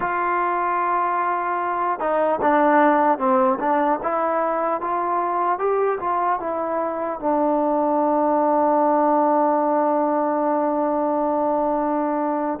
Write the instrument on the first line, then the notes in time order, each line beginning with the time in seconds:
trombone
0.00 F4
1.99 D#4
2.41 D4
3.18 C4
3.59 D4
4.02 E4
4.80 F4
5.59 G4
6.00 F4
6.39 E4
7.19 D4